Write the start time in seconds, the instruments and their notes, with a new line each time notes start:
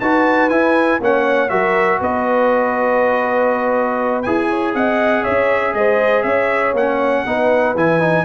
0.00 tuba D#4, trombone F#4, horn B4, trumpet A5
0.50 tuba E4, trombone E4, trumpet G#5
1.01 tuba A#3, trombone C#4, horn C#5, trumpet F#5
1.49 tuba F#3, trombone F#4, horn A#4, trumpet E5
2.00 tuba B3, horn B4, trumpet D#5
4.23 tuba E4, trombone G#4, trumpet G#5
4.49 horn C#5
4.74 tuba C4, horn D#5, trumpet F#5
5.23 tuba C#4, horn C#5, trumpet E5
5.74 tuba G#3, horn C5, trumpet D#5
6.23 tuba C#4, horn C#5, trumpet E5
6.73 tuba A#3, trombone C#4, trumpet F#5
7.26 tuba B3, trombone D#4, horn B4
7.75 tuba E3, trombone E4, trumpet G#5
8.00 trombone D#4